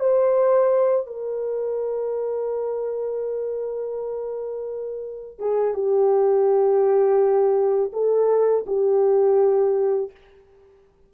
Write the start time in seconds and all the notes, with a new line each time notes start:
0.00 C5
1.07 A#4
5.39 G#4
5.75 G4
7.93 A4
8.67 G4